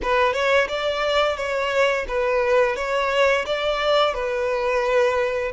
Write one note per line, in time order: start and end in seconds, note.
0.02 0.33 B4
0.33 0.67 C#5
0.68 1.36 D5
1.36 2.05 C#5
2.08 2.76 B4
2.76 3.45 C#5
3.46 4.13 D5
4.13 5.51 B4